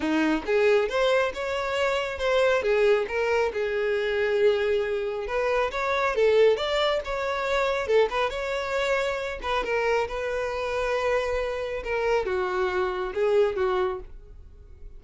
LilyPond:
\new Staff \with { instrumentName = "violin" } { \time 4/4 \tempo 4 = 137 dis'4 gis'4 c''4 cis''4~ | cis''4 c''4 gis'4 ais'4 | gis'1 | b'4 cis''4 a'4 d''4 |
cis''2 a'8 b'8 cis''4~ | cis''4. b'8 ais'4 b'4~ | b'2. ais'4 | fis'2 gis'4 fis'4 | }